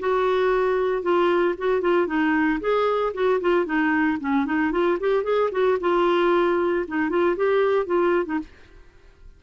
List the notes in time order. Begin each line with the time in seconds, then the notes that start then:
0.00 F#4
1.03 F4
1.58 F#4
1.82 F4
2.07 D#4
2.61 G#4
3.15 F#4
3.41 F4
3.66 D#4
4.21 C#4
4.46 D#4
4.72 F4
5.00 G4
5.24 G#4
5.52 F#4
5.81 F4
6.88 D#4
7.10 F4
7.37 G4
7.86 F4
8.26 D#4